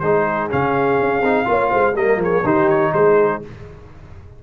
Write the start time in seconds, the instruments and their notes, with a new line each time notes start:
0.00 tuba G#3, trombone D#4, horn G#4, trumpet C5
0.51 tuba C#3, trombone C#4, trumpet F5
1.00 tuba C#4
1.21 tuba C4, trombone D#4
1.45 tuba A#3, trombone F4, horn C#5
1.71 tuba G#3, horn C5
1.95 tuba G3, trombone A#3, horn A#4, trumpet D#5
2.17 tuba F3, horn G#4
2.24 trumpet C#5
2.44 tuba D#3, trombone D#4, horn G4, trumpet C5
2.69 trumpet C#5
2.94 tuba G#3, horn G#4, trumpet C5